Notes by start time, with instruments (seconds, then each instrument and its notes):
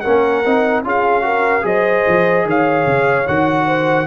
0.00 trombone C#4, horn A#4, trumpet F#5
0.07 tuba A#3
0.45 tuba C4, trombone D#4
0.83 tuba C#4, trombone F4, horn G#4, trumpet F5
1.22 trombone F#4, horn A#4
1.62 tuba F#3, trombone G#4, horn C5, trumpet D#5
2.07 tuba F3
2.44 tuba D#3, horn C#5, trumpet F5
2.86 tuba C#3
3.27 tuba D#3, trombone F#4, trumpet F#5
3.66 horn C5